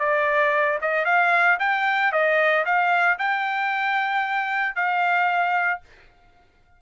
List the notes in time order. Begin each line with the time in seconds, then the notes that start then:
0.00 D5
0.82 D#5
1.06 F5
1.60 G5
2.13 D#5
2.66 F5
3.19 G5
4.76 F5